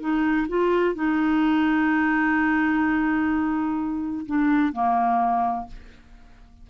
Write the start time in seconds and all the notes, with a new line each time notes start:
0.00 D#4
0.49 F4
0.95 D#4
4.26 D4
4.73 A#3